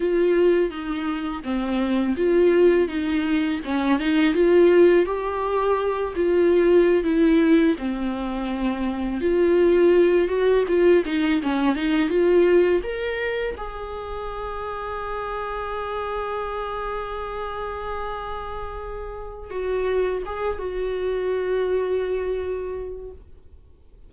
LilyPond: \new Staff \with { instrumentName = "viola" } { \time 4/4 \tempo 4 = 83 f'4 dis'4 c'4 f'4 | dis'4 cis'8 dis'8 f'4 g'4~ | g'8 f'4~ f'16 e'4 c'4~ c'16~ | c'8. f'4. fis'8 f'8 dis'8 cis'16~ |
cis'16 dis'8 f'4 ais'4 gis'4~ gis'16~ | gis'1~ | gis'2. fis'4 | gis'8 fis'2.~ fis'8 | }